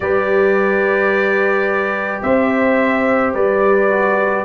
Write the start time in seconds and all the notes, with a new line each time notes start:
0.00 G3 G4 B4 D5
2.22 C4 C5 E5
3.34 G3 B4 D5
3.90 F#4